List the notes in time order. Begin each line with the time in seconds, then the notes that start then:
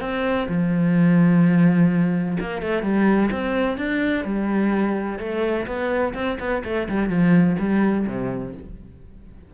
0.00 C4
0.48 F3
2.40 A#3
2.61 A3
2.82 G3
3.31 C4
3.77 D4
4.24 G3
5.18 A3
5.66 B3
6.14 C4
6.39 B3
6.64 A3
6.88 G3
7.09 F3
7.59 G3
8.06 C3